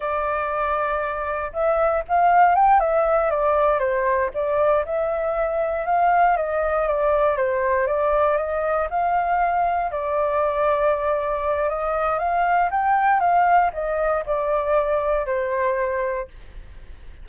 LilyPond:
\new Staff \with { instrumentName = "flute" } { \time 4/4 \tempo 4 = 118 d''2. e''4 | f''4 g''8 e''4 d''4 c''8~ | c''8 d''4 e''2 f''8~ | f''8 dis''4 d''4 c''4 d''8~ |
d''8 dis''4 f''2 d''8~ | d''2. dis''4 | f''4 g''4 f''4 dis''4 | d''2 c''2 | }